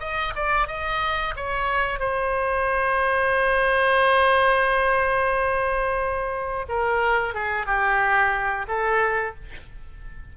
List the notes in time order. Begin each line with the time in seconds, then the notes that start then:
0.00 D#5
0.36 D5
0.68 D#5
1.36 C#5
1.99 C5
6.69 A#4
7.34 G#4
7.66 G4
8.68 A4